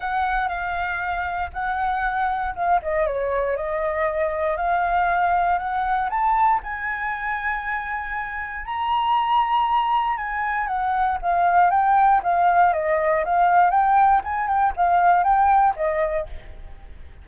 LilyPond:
\new Staff \with { instrumentName = "flute" } { \time 4/4 \tempo 4 = 118 fis''4 f''2 fis''4~ | fis''4 f''8 dis''8 cis''4 dis''4~ | dis''4 f''2 fis''4 | a''4 gis''2.~ |
gis''4 ais''2. | gis''4 fis''4 f''4 g''4 | f''4 dis''4 f''4 g''4 | gis''8 g''8 f''4 g''4 dis''4 | }